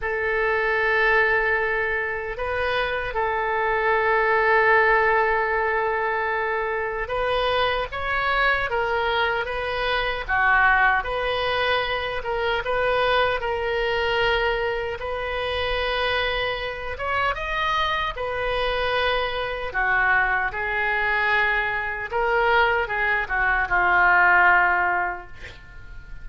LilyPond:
\new Staff \with { instrumentName = "oboe" } { \time 4/4 \tempo 4 = 76 a'2. b'4 | a'1~ | a'4 b'4 cis''4 ais'4 | b'4 fis'4 b'4. ais'8 |
b'4 ais'2 b'4~ | b'4. cis''8 dis''4 b'4~ | b'4 fis'4 gis'2 | ais'4 gis'8 fis'8 f'2 | }